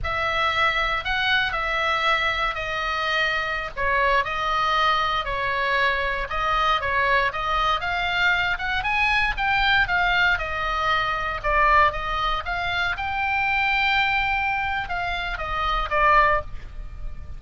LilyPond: \new Staff \with { instrumentName = "oboe" } { \time 4/4 \tempo 4 = 117 e''2 fis''4 e''4~ | e''4 dis''2~ dis''16 cis''8.~ | cis''16 dis''2 cis''4.~ cis''16~ | cis''16 dis''4 cis''4 dis''4 f''8.~ |
f''8. fis''8 gis''4 g''4 f''8.~ | f''16 dis''2 d''4 dis''8.~ | dis''16 f''4 g''2~ g''8.~ | g''4 f''4 dis''4 d''4 | }